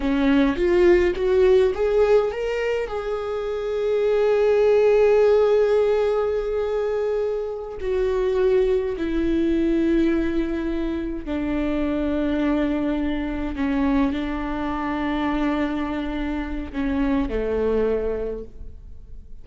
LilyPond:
\new Staff \with { instrumentName = "viola" } { \time 4/4 \tempo 4 = 104 cis'4 f'4 fis'4 gis'4 | ais'4 gis'2.~ | gis'1~ | gis'4. fis'2 e'8~ |
e'2.~ e'8 d'8~ | d'2.~ d'8 cis'8~ | cis'8 d'2.~ d'8~ | d'4 cis'4 a2 | }